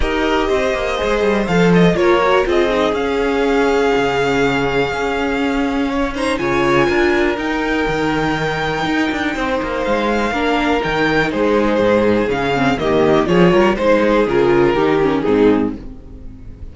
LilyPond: <<
  \new Staff \with { instrumentName = "violin" } { \time 4/4 \tempo 4 = 122 dis''2. f''8 dis''8 | cis''4 dis''4 f''2~ | f''1~ | f''8 ais''8 gis''2 g''4~ |
g''1 | f''2 g''4 c''4~ | c''4 f''4 dis''4 cis''4 | c''4 ais'2 gis'4 | }
  \new Staff \with { instrumentName = "violin" } { \time 4/4 ais'4 c''2. | ais'4 gis'2.~ | gis'1 | cis''8 c''8 cis''4 ais'2~ |
ais'2. c''4~ | c''4 ais'2 gis'4~ | gis'2 g'4 gis'8 ais'8 | c''8 gis'4. g'4 dis'4 | }
  \new Staff \with { instrumentName = "viola" } { \time 4/4 g'2 gis'4 a'4 | f'8 fis'8 f'8 dis'8 cis'2~ | cis'1~ | cis'8 dis'8 f'2 dis'4~ |
dis'1~ | dis'4 d'4 dis'2~ | dis'4 cis'8 c'8 ais4 f'4 | dis'4 f'4 dis'8 cis'8 c'4 | }
  \new Staff \with { instrumentName = "cello" } { \time 4/4 dis'4 c'8 ais8 gis8 g8 f4 | ais4 c'4 cis'2 | cis2 cis'2~ | cis'4 cis4 d'4 dis'4 |
dis2 dis'8 d'8 c'8 ais8 | gis4 ais4 dis4 gis4 | gis,4 cis4 dis4 f8 g8 | gis4 cis4 dis4 gis,4 | }
>>